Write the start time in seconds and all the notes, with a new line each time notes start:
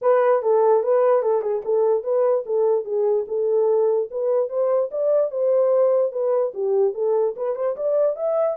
0.01 B4
0.42 A4
0.83 B4
1.22 A4
1.41 G#4
1.65 A4
2.03 B4
2.45 A4
2.84 G#4
3.27 A4
4.10 B4
4.49 C5
4.91 D5
5.30 C5
6.12 B4
6.54 G4
6.94 A4
7.36 B4
7.55 C5
7.76 D5
8.16 E5